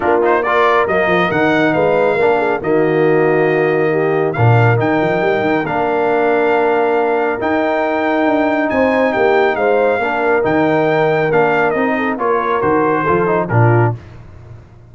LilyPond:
<<
  \new Staff \with { instrumentName = "trumpet" } { \time 4/4 \tempo 4 = 138 ais'8 c''8 d''4 dis''4 fis''4 | f''2 dis''2~ | dis''2 f''4 g''4~ | g''4 f''2.~ |
f''4 g''2. | gis''4 g''4 f''2 | g''2 f''4 dis''4 | cis''4 c''2 ais'4 | }
  \new Staff \with { instrumentName = "horn" } { \time 4/4 f'4 ais'2. | b'4 ais'8 gis'8 fis'2~ | fis'4 g'4 ais'2~ | ais'1~ |
ais'1 | c''4 g'4 c''4 ais'4~ | ais'2.~ ais'8 a'8 | ais'2 a'4 f'4 | }
  \new Staff \with { instrumentName = "trombone" } { \time 4/4 d'8 dis'8 f'4 ais4 dis'4~ | dis'4 d'4 ais2~ | ais2 d'4 dis'4~ | dis'4 d'2.~ |
d'4 dis'2.~ | dis'2. d'4 | dis'2 d'4 dis'4 | f'4 fis'4 f'8 dis'8 d'4 | }
  \new Staff \with { instrumentName = "tuba" } { \time 4/4 ais2 fis8 f8 dis4 | gis4 ais4 dis2~ | dis2 ais,4 dis8 f8 | g8 dis8 ais2.~ |
ais4 dis'2 d'4 | c'4 ais4 gis4 ais4 | dis2 ais4 c'4 | ais4 dis4 f4 ais,4 | }
>>